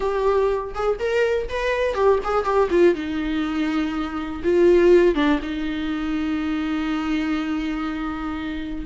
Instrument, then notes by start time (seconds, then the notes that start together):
viola
0.00 G4
0.74 G#4
0.99 A#4
1.48 B4
1.94 G4
2.24 G#4
2.44 G4
2.70 F4
2.95 D#4
4.43 F4
5.15 D4
5.41 D#4